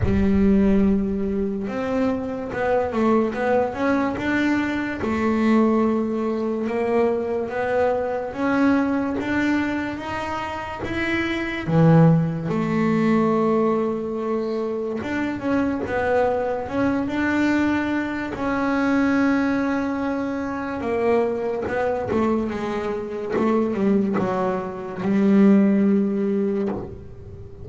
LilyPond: \new Staff \with { instrumentName = "double bass" } { \time 4/4 \tempo 4 = 72 g2 c'4 b8 a8 | b8 cis'8 d'4 a2 | ais4 b4 cis'4 d'4 | dis'4 e'4 e4 a4~ |
a2 d'8 cis'8 b4 | cis'8 d'4. cis'2~ | cis'4 ais4 b8 a8 gis4 | a8 g8 fis4 g2 | }